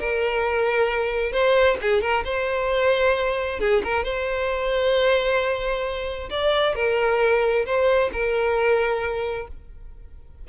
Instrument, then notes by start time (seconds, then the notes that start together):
violin
0.00 A#4
1.32 C5
1.82 G#4
2.02 A#4
2.25 C5
3.60 G#4
3.84 A#4
4.04 C5
6.31 D5
6.76 A#4
7.66 C5
8.13 A#4